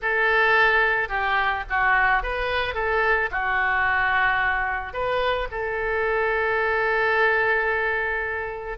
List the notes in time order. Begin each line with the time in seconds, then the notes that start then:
0.02 A4
1.08 G4
1.69 F#4
2.22 B4
2.74 A4
3.31 F#4
4.93 B4
5.51 A4